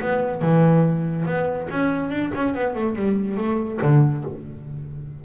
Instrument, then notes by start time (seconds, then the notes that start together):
double bass
0.00 B3
0.41 E3
1.25 B3
1.70 C#4
2.10 D4
2.35 C#4
2.54 B3
2.74 A3
2.95 G3
3.37 A3
3.82 D3